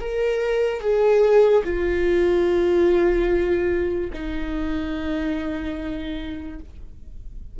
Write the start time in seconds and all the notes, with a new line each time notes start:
0.00 A#4
0.80 G#4
1.64 F4
4.13 D#4